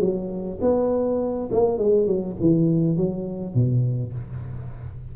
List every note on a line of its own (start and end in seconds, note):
0.00 0.59 F#3
0.61 1.49 B3
1.52 1.78 A#3
1.78 2.07 G#3
2.07 2.36 F#3
2.40 2.97 E3
2.97 3.54 F#3
3.54 4.13 B2